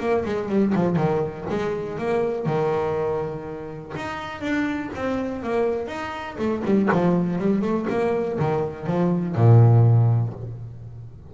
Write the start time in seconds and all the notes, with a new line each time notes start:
0.00 A#3
0.25 G#3
0.49 G3
0.75 F3
0.97 D#3
1.50 G#3
1.99 A#3
2.46 D#3
3.97 D#4
4.41 D4
4.96 C4
5.43 A#3
5.88 D#4
6.39 A3
6.65 G3
6.93 F3
7.39 G3
7.62 A3
7.90 A#3
8.39 D#3
8.87 F3
9.36 A#2